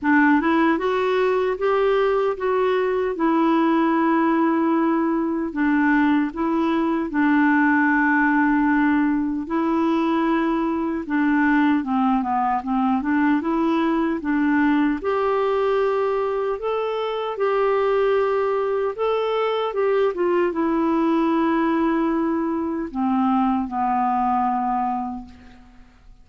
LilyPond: \new Staff \with { instrumentName = "clarinet" } { \time 4/4 \tempo 4 = 76 d'8 e'8 fis'4 g'4 fis'4 | e'2. d'4 | e'4 d'2. | e'2 d'4 c'8 b8 |
c'8 d'8 e'4 d'4 g'4~ | g'4 a'4 g'2 | a'4 g'8 f'8 e'2~ | e'4 c'4 b2 | }